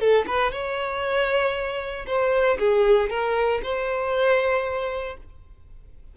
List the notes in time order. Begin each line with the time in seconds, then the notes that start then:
0.00 A4
0.27 B4
0.52 C#5
2.07 C5
2.59 G#4
3.10 A#4
3.63 C5